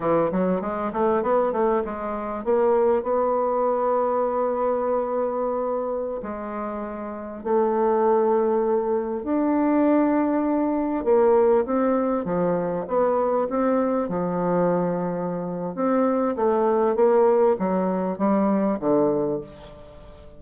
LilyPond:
\new Staff \with { instrumentName = "bassoon" } { \time 4/4 \tempo 4 = 99 e8 fis8 gis8 a8 b8 a8 gis4 | ais4 b2.~ | b2~ b16 gis4.~ gis16~ | gis16 a2. d'8.~ |
d'2~ d'16 ais4 c'8.~ | c'16 f4 b4 c'4 f8.~ | f2 c'4 a4 | ais4 fis4 g4 d4 | }